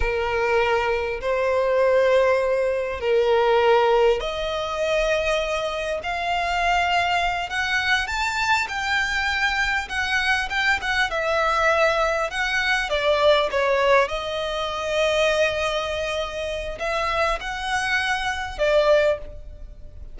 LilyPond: \new Staff \with { instrumentName = "violin" } { \time 4/4 \tempo 4 = 100 ais'2 c''2~ | c''4 ais'2 dis''4~ | dis''2 f''2~ | f''8 fis''4 a''4 g''4.~ |
g''8 fis''4 g''8 fis''8 e''4.~ | e''8 fis''4 d''4 cis''4 dis''8~ | dis''1 | e''4 fis''2 d''4 | }